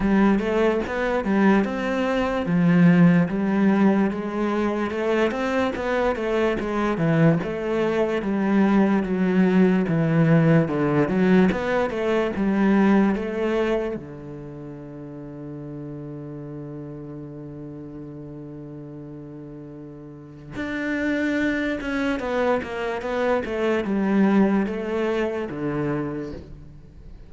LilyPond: \new Staff \with { instrumentName = "cello" } { \time 4/4 \tempo 4 = 73 g8 a8 b8 g8 c'4 f4 | g4 gis4 a8 c'8 b8 a8 | gis8 e8 a4 g4 fis4 | e4 d8 fis8 b8 a8 g4 |
a4 d2.~ | d1~ | d4 d'4. cis'8 b8 ais8 | b8 a8 g4 a4 d4 | }